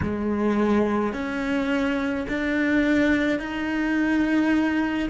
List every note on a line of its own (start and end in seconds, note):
0.02 1.13 G#3
1.13 2.26 C#4
2.28 3.39 D4
3.39 5.09 D#4